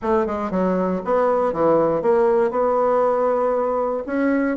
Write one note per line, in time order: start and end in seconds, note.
0.01 0.26 A3
0.26 0.51 G#3
0.51 1.01 F#3
1.04 1.52 B3
1.52 2.02 E3
2.02 2.51 A#3
2.51 4.03 B3
4.06 4.57 C#4